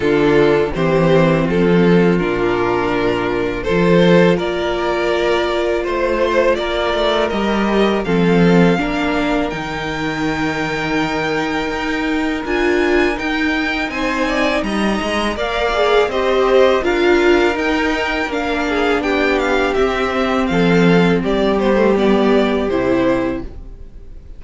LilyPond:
<<
  \new Staff \with { instrumentName = "violin" } { \time 4/4 \tempo 4 = 82 a'4 c''4 a'4 ais'4~ | ais'4 c''4 d''2 | c''4 d''4 dis''4 f''4~ | f''4 g''2.~ |
g''4 gis''4 g''4 gis''4 | ais''4 f''4 dis''4 f''4 | g''4 f''4 g''8 f''8 e''4 | f''4 d''8 c''8 d''4 c''4 | }
  \new Staff \with { instrumentName = "violin" } { \time 4/4 f'4 g'4 f'2~ | f'4 a'4 ais'2 | c''4 ais'2 a'4 | ais'1~ |
ais'2. c''8 d''8 | dis''4 d''4 c''4 ais'4~ | ais'4. gis'8 g'2 | a'4 g'2. | }
  \new Staff \with { instrumentName = "viola" } { \time 4/4 d'4 c'2 d'4~ | d'4 f'2.~ | f'2 g'4 c'4 | d'4 dis'2.~ |
dis'4 f'4 dis'2~ | dis'4 ais'8 gis'8 g'4 f'4 | dis'4 d'2 c'4~ | c'4. b16 a16 b4 e'4 | }
  \new Staff \with { instrumentName = "cello" } { \time 4/4 d4 e4 f4 ais,4~ | ais,4 f4 ais2 | a4 ais8 a8 g4 f4 | ais4 dis2. |
dis'4 d'4 dis'4 c'4 | g8 gis8 ais4 c'4 d'4 | dis'4 ais4 b4 c'4 | f4 g2 c4 | }
>>